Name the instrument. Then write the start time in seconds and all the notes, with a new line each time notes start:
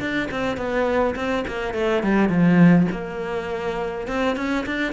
cello
0.00 D4
0.31 C4
0.57 B3
1.16 C4
1.48 A#3
1.74 A3
2.03 G3
2.29 F3
2.92 A#3
4.08 C4
4.37 C#4
4.66 D4